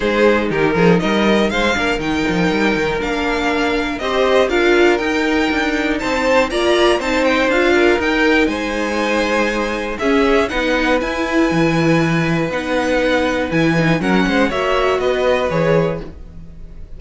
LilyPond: <<
  \new Staff \with { instrumentName = "violin" } { \time 4/4 \tempo 4 = 120 c''4 ais'4 dis''4 f''4 | g''2 f''2 | dis''4 f''4 g''2 | a''4 ais''4 a''8 g''8 f''4 |
g''4 gis''2. | e''4 fis''4 gis''2~ | gis''4 fis''2 gis''4 | fis''4 e''4 dis''4 cis''4 | }
  \new Staff \with { instrumentName = "violin" } { \time 4/4 gis'4 g'8 gis'8 ais'4 c''8 ais'8~ | ais'1 | c''4 ais'2. | c''4 d''4 c''4. ais'8~ |
ais'4 c''2. | gis'4 b'2.~ | b'1 | ais'8 c''8 cis''4 b'2 | }
  \new Staff \with { instrumentName = "viola" } { \time 4/4 dis'2.~ dis'8 d'8 | dis'2 d'2 | g'4 f'4 dis'2~ | dis'4 f'4 dis'4 f'4 |
dis'1 | cis'4 dis'4 e'2~ | e'4 dis'2 e'8 dis'8 | cis'4 fis'2 gis'4 | }
  \new Staff \with { instrumentName = "cello" } { \time 4/4 gis4 dis8 f8 g4 gis8 ais8 | dis8 f8 g8 dis8 ais2 | c'4 d'4 dis'4 d'4 | c'4 ais4 c'4 d'4 |
dis'4 gis2. | cis'4 b4 e'4 e4~ | e4 b2 e4 | fis8 gis8 ais4 b4 e4 | }
>>